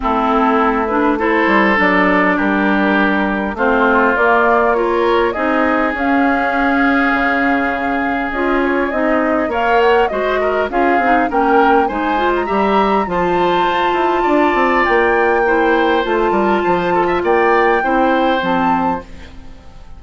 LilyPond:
<<
  \new Staff \with { instrumentName = "flute" } { \time 4/4 \tempo 4 = 101 a'4. b'8 c''4 d''4 | ais'2 c''4 d''4 | cis''4 dis''4 f''2~ | f''2 dis''8 cis''8 dis''4 |
f''8 fis''8 dis''4 f''4 g''4 | gis''8. ais''4~ ais''16 a''2~ | a''4 g''2 a''4~ | a''4 g''2 a''4 | }
  \new Staff \with { instrumentName = "oboe" } { \time 4/4 e'2 a'2 | g'2 f'2 | ais'4 gis'2.~ | gis'1 |
cis''4 c''8 ais'8 gis'4 ais'4 | c''4 e''4 c''2 | d''2 c''4. ais'8 | c''8 a'16 e''16 d''4 c''2 | }
  \new Staff \with { instrumentName = "clarinet" } { \time 4/4 c'4. d'8 e'4 d'4~ | d'2 c'4 ais4 | f'4 dis'4 cis'2~ | cis'2 f'4 dis'4 |
ais'4 fis'4 f'8 dis'8 cis'4 | dis'8 f'8 g'4 f'2~ | f'2 e'4 f'4~ | f'2 e'4 c'4 | }
  \new Staff \with { instrumentName = "bassoon" } { \time 4/4 a2~ a8 g8 fis4 | g2 a4 ais4~ | ais4 c'4 cis'2 | cis2 cis'4 c'4 |
ais4 gis4 cis'8 c'8 ais4 | gis4 g4 f4 f'8 e'8 | d'8 c'8 ais2 a8 g8 | f4 ais4 c'4 f4 | }
>>